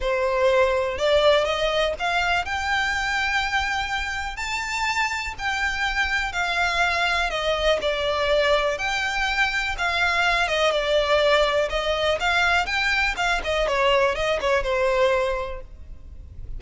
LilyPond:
\new Staff \with { instrumentName = "violin" } { \time 4/4 \tempo 4 = 123 c''2 d''4 dis''4 | f''4 g''2.~ | g''4 a''2 g''4~ | g''4 f''2 dis''4 |
d''2 g''2 | f''4. dis''8 d''2 | dis''4 f''4 g''4 f''8 dis''8 | cis''4 dis''8 cis''8 c''2 | }